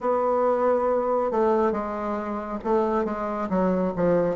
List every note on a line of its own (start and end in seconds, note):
0.00 1.31 B3
1.31 1.72 A3
1.72 2.58 G#3
2.64 3.04 A3
3.04 3.48 G#3
3.49 3.92 F#3
3.96 4.36 F3